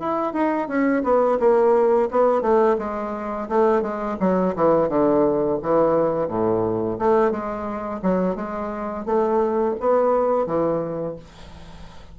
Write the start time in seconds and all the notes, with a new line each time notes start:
0.00 E4
0.33 D#4
0.68 C#4
1.04 B3
1.40 A#3
2.11 B3
2.42 A3
2.79 G#3
3.49 A3
3.82 G#3
4.20 F#3
4.56 E3
4.89 D3
5.63 E3
6.28 A2
6.99 A3
7.31 G#3
8.03 F#3
8.36 G#3
9.06 A3
9.80 B3
10.47 E3